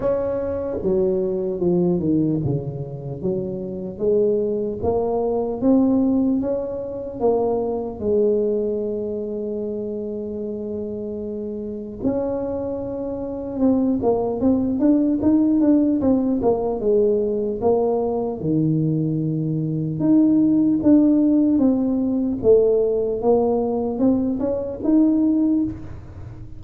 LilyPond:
\new Staff \with { instrumentName = "tuba" } { \time 4/4 \tempo 4 = 75 cis'4 fis4 f8 dis8 cis4 | fis4 gis4 ais4 c'4 | cis'4 ais4 gis2~ | gis2. cis'4~ |
cis'4 c'8 ais8 c'8 d'8 dis'8 d'8 | c'8 ais8 gis4 ais4 dis4~ | dis4 dis'4 d'4 c'4 | a4 ais4 c'8 cis'8 dis'4 | }